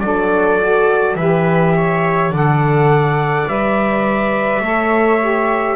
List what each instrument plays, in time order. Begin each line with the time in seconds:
0.00 double bass F#3, saxophone D4, viola A4, trumpet D5
0.60 saxophone F#4
1.15 double bass E3, saxophone G4, viola B4, trumpet E5
1.76 viola C#5
2.30 double bass D3, saxophone A4, viola D5, trumpet F#5
3.47 double bass G3, saxophone B4, trumpet E5
4.60 double bass A3, saxophone A4, viola C#5
5.20 saxophone G4